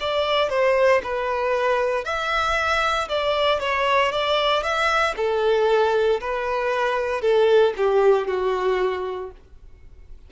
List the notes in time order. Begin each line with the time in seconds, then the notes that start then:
0.00 D5
0.49 C5
1.03 B4
2.05 E5
3.08 D5
3.60 C#5
4.12 D5
4.63 E5
5.16 A4
6.21 B4
7.21 A4
7.77 G4
8.27 F#4